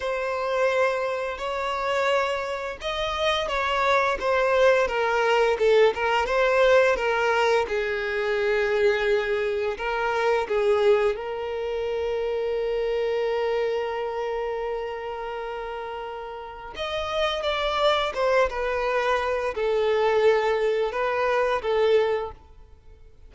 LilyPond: \new Staff \with { instrumentName = "violin" } { \time 4/4 \tempo 4 = 86 c''2 cis''2 | dis''4 cis''4 c''4 ais'4 | a'8 ais'8 c''4 ais'4 gis'4~ | gis'2 ais'4 gis'4 |
ais'1~ | ais'1 | dis''4 d''4 c''8 b'4. | a'2 b'4 a'4 | }